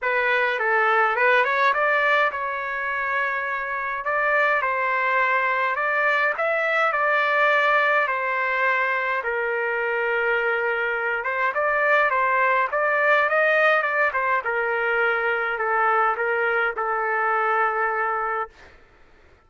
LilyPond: \new Staff \with { instrumentName = "trumpet" } { \time 4/4 \tempo 4 = 104 b'4 a'4 b'8 cis''8 d''4 | cis''2. d''4 | c''2 d''4 e''4 | d''2 c''2 |
ais'2.~ ais'8 c''8 | d''4 c''4 d''4 dis''4 | d''8 c''8 ais'2 a'4 | ais'4 a'2. | }